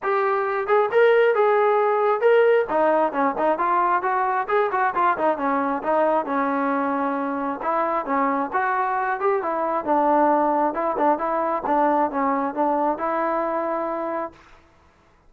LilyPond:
\new Staff \with { instrumentName = "trombone" } { \time 4/4 \tempo 4 = 134 g'4. gis'8 ais'4 gis'4~ | gis'4 ais'4 dis'4 cis'8 dis'8 | f'4 fis'4 gis'8 fis'8 f'8 dis'8 | cis'4 dis'4 cis'2~ |
cis'4 e'4 cis'4 fis'4~ | fis'8 g'8 e'4 d'2 | e'8 d'8 e'4 d'4 cis'4 | d'4 e'2. | }